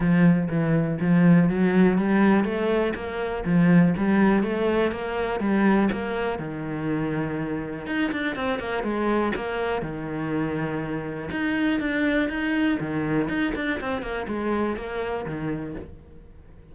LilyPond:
\new Staff \with { instrumentName = "cello" } { \time 4/4 \tempo 4 = 122 f4 e4 f4 fis4 | g4 a4 ais4 f4 | g4 a4 ais4 g4 | ais4 dis2. |
dis'8 d'8 c'8 ais8 gis4 ais4 | dis2. dis'4 | d'4 dis'4 dis4 dis'8 d'8 | c'8 ais8 gis4 ais4 dis4 | }